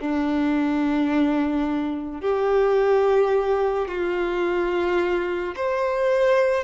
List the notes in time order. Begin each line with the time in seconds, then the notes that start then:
0.00 D4
2.21 G4
3.88 F4
5.56 C5